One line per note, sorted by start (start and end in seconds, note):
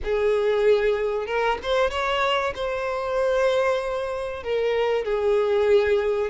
0.04 1.26 G#4
1.26 1.58 A#4
1.62 1.90 C5
1.90 2.53 C#5
2.55 4.43 C5
4.43 5.04 A#4
5.04 6.30 G#4